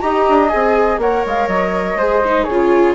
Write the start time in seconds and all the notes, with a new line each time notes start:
0.00 D#4 G4 D#5 A#5
0.28 D4
0.48 C4 G#4 G#5
0.97 A#3 A#4 C#5 F#5
1.26 G#3 F5
1.47 F#3 D#5
1.95 G#3 G#4 C5
2.24 D#4
2.43 C#3 G#4 C#5
2.50 F4